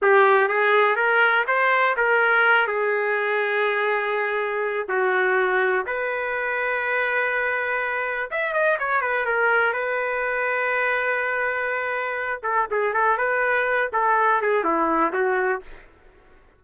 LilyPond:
\new Staff \with { instrumentName = "trumpet" } { \time 4/4 \tempo 4 = 123 g'4 gis'4 ais'4 c''4 | ais'4. gis'2~ gis'8~ | gis'2 fis'2 | b'1~ |
b'4 e''8 dis''8 cis''8 b'8 ais'4 | b'1~ | b'4. a'8 gis'8 a'8 b'4~ | b'8 a'4 gis'8 e'4 fis'4 | }